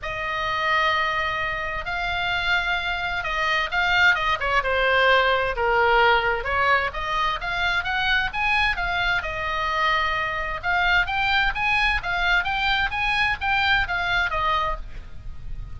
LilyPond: \new Staff \with { instrumentName = "oboe" } { \time 4/4 \tempo 4 = 130 dis''1 | f''2. dis''4 | f''4 dis''8 cis''8 c''2 | ais'2 cis''4 dis''4 |
f''4 fis''4 gis''4 f''4 | dis''2. f''4 | g''4 gis''4 f''4 g''4 | gis''4 g''4 f''4 dis''4 | }